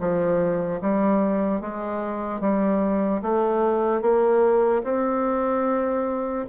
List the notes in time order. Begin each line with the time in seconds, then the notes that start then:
0.00 F3
0.81 G3
1.61 G#3
2.41 G3
3.22 A3
4.02 A#3
4.84 C4